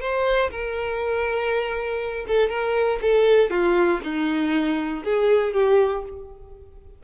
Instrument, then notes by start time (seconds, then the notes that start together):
violin
0.00 C5
0.51 A#4
2.27 A4
2.49 A#4
3.01 A4
3.50 F4
4.03 D#4
5.04 G#4
5.53 G4